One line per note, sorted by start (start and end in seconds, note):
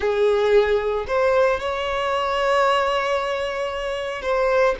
0.00 1.05 G#4
1.07 1.60 C5
1.60 4.22 C#5
4.22 4.75 C5